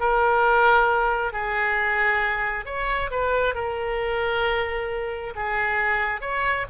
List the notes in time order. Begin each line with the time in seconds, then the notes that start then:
0.00 A#4
1.33 G#4
2.66 C#5
3.11 B4
3.55 A#4
5.35 G#4
6.21 C#5